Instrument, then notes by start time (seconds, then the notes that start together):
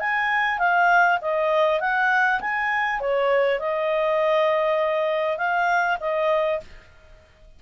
clarinet
0.00 G#5
0.59 F5
1.22 D#5
1.81 F#5
2.41 G#5
3.00 C#5
3.60 D#5
5.38 F5
6.01 D#5